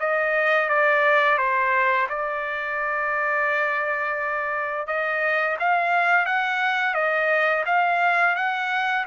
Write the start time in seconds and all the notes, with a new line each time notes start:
0.00 D#5
0.69 D5
1.38 C5
2.10 D5
4.87 D#5
5.60 F5
6.26 F#5
6.95 D#5
7.66 F5
8.36 F#5